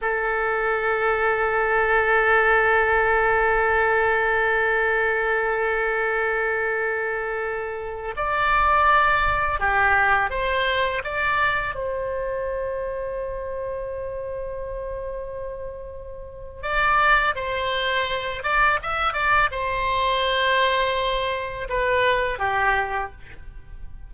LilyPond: \new Staff \with { instrumentName = "oboe" } { \time 4/4 \tempo 4 = 83 a'1~ | a'1~ | a'2.~ a'16 d''8.~ | d''4~ d''16 g'4 c''4 d''8.~ |
d''16 c''2.~ c''8.~ | c''2. d''4 | c''4. d''8 e''8 d''8 c''4~ | c''2 b'4 g'4 | }